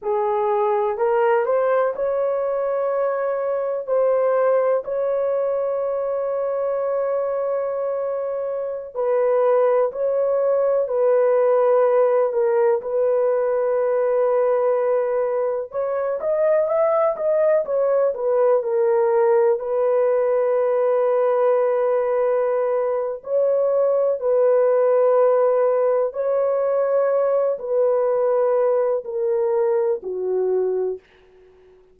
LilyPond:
\new Staff \with { instrumentName = "horn" } { \time 4/4 \tempo 4 = 62 gis'4 ais'8 c''8 cis''2 | c''4 cis''2.~ | cis''4~ cis''16 b'4 cis''4 b'8.~ | b'8. ais'8 b'2~ b'8.~ |
b'16 cis''8 dis''8 e''8 dis''8 cis''8 b'8 ais'8.~ | ais'16 b'2.~ b'8. | cis''4 b'2 cis''4~ | cis''8 b'4. ais'4 fis'4 | }